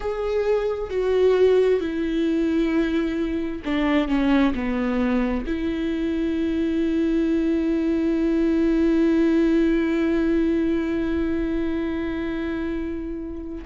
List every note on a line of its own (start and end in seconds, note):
0.00 0.90 G#4
0.90 1.80 F#4
1.80 3.62 E4
3.64 4.08 D4
4.08 4.53 C#4
4.54 5.45 B3
5.46 13.64 E4